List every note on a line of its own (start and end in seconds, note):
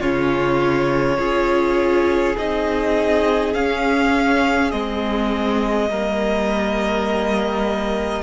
0.00 1.18 C#3
0.00 1.18 C#4
0.00 1.18 F4
0.00 2.36 C#5
1.18 2.35 C#4
1.18 2.36 F4
1.18 5.89 G#4
2.37 3.54 C4
2.37 3.54 D#4
2.37 3.53 D#5
3.53 4.72 C#4
3.53 4.71 C#4
3.53 4.71 F5
4.71 5.89 G#3
4.71 5.89 C4
4.71 8.22 D#5
5.89 8.22 G3
5.89 8.22 A#3
5.89 8.22 A#4